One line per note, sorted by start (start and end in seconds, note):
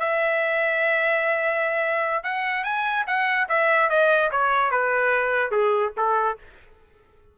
0.00 2.24 E5
2.24 2.64 F#5
2.64 3.05 G#5
3.07 3.48 F#5
3.49 3.90 E5
3.90 4.31 D#5
4.32 4.71 C#5
4.71 5.52 B4
5.52 5.93 G#4
5.97 6.38 A4